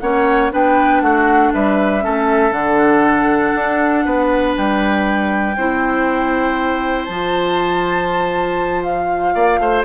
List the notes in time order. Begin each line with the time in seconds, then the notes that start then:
0.00 A#3 C#4 C#5 F#5
0.52 B3 D4 B4 G5
1.01 A3 F#4 F#5
1.53 G3 B4 E5
2.02 A3 C#4 A4
2.51 D3 D4 F#5
3.55 D4
4.05 B3 B4
4.57 G3 G5
5.57 C4 E4 C5
7.05 F3 F4 A5
8.83 F5
9.34 A#3 D5
9.59 A3 C5